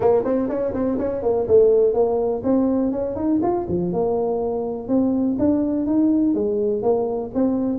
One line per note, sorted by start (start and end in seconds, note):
0.00 0.23 A#3
0.24 0.49 C4
0.49 0.73 C#4
0.73 0.98 C4
0.98 1.22 C#4
1.22 1.47 A#3
1.47 1.93 A3
1.93 2.42 A#3
2.43 2.91 C4
2.91 3.15 C#4
3.15 3.40 D#4
3.42 3.66 F4
3.68 3.92 F3
3.93 4.88 A#3
4.88 5.36 C4
5.38 5.86 D4
5.86 6.34 D#4
6.34 6.82 G#3
6.82 7.31 A#3
7.34 7.78 C4